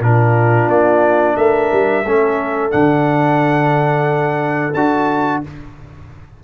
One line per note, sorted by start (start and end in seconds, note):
0.00 0.67 A#2
0.00 2.05 D4
0.00 1.37 F4
0.00 0.70 A#4
0.69 1.36 A#3
0.69 1.37 D5
1.37 1.71 A3
1.37 2.04 A#4
1.37 2.72 E5
1.72 2.05 G3
2.05 2.72 A3
2.05 2.71 C#4
2.05 5.44 A4
2.71 4.75 D3
2.71 4.73 D4
2.71 4.74 F#5
4.74 5.42 D4
4.74 5.44 F#4
4.74 5.41 A5